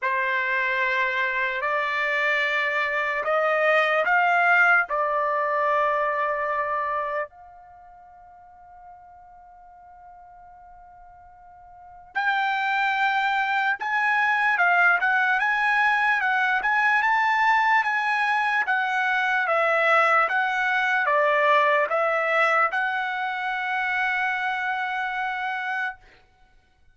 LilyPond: \new Staff \with { instrumentName = "trumpet" } { \time 4/4 \tempo 4 = 74 c''2 d''2 | dis''4 f''4 d''2~ | d''4 f''2.~ | f''2. g''4~ |
g''4 gis''4 f''8 fis''8 gis''4 | fis''8 gis''8 a''4 gis''4 fis''4 | e''4 fis''4 d''4 e''4 | fis''1 | }